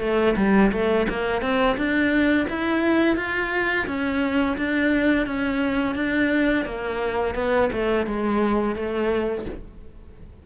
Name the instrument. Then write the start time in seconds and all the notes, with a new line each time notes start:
cello
0.00 A3
0.36 G3
0.72 A3
1.09 A#3
1.41 C4
1.77 D4
2.49 E4
3.16 F4
3.87 C#4
4.57 D4
5.26 C#4
5.95 D4
6.65 A#3
7.35 B3
7.72 A3
8.06 G#3
8.75 A3